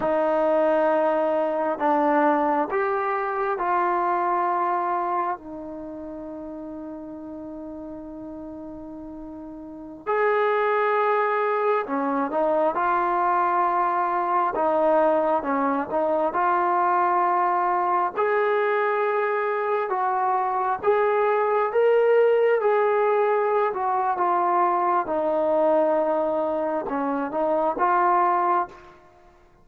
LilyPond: \new Staff \with { instrumentName = "trombone" } { \time 4/4 \tempo 4 = 67 dis'2 d'4 g'4 | f'2 dis'2~ | dis'2.~ dis'16 gis'8.~ | gis'4~ gis'16 cis'8 dis'8 f'4.~ f'16~ |
f'16 dis'4 cis'8 dis'8 f'4.~ f'16~ | f'16 gis'2 fis'4 gis'8.~ | gis'16 ais'4 gis'4~ gis'16 fis'8 f'4 | dis'2 cis'8 dis'8 f'4 | }